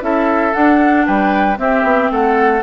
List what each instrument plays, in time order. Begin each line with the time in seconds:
0.00 bassoon C#4, clarinet E4, oboe A4, flute E5
0.53 clarinet D4, bassoon D4, flute F#5
1.06 bassoon G3, oboe B4, flute G5
1.56 clarinet C4, bassoon C4, oboe G4, flute E5
1.83 bassoon B3
2.11 bassoon A3, oboe A4, flute F#5